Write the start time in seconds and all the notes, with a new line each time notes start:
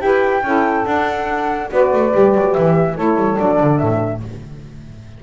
0.00 E4 G4 B4 G5
0.43 C#4 E4 A4
0.85 D4 F#5
1.70 B3 F#4 B4 D5
1.92 A3
2.12 G3 G4
2.35 F#3
2.54 E3 E5
2.95 A3 E4 A4 C#5
3.16 G3
3.37 F#3 D4 D5
3.60 D3
3.78 A2 E5